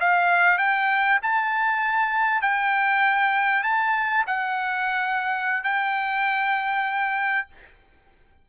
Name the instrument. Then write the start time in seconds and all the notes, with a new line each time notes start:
trumpet
0.00 F5
0.58 G5
1.22 A5
2.41 G5
3.63 A5
4.27 F#5
5.64 G5